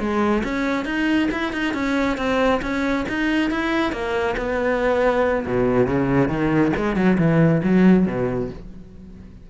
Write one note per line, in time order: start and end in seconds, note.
0.00 0.43 G#3
0.44 0.85 C#4
0.85 1.29 D#4
1.32 1.53 E4
1.53 1.74 D#4
1.74 2.18 C#4
2.18 2.61 C4
2.62 3.06 C#4
3.09 3.51 D#4
3.51 3.92 E4
3.92 4.36 A#3
4.37 5.46 B3
5.46 5.87 B2
5.87 6.28 C#3
6.28 6.72 D#3
6.76 6.96 G#3
6.96 7.18 F#3
7.19 7.62 E3
7.64 8.07 F#3
8.07 8.50 B2